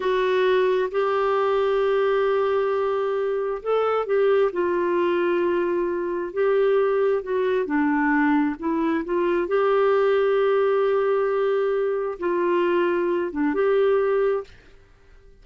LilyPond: \new Staff \with { instrumentName = "clarinet" } { \time 4/4 \tempo 4 = 133 fis'2 g'2~ | g'1 | a'4 g'4 f'2~ | f'2 g'2 |
fis'4 d'2 e'4 | f'4 g'2.~ | g'2. f'4~ | f'4. d'8 g'2 | }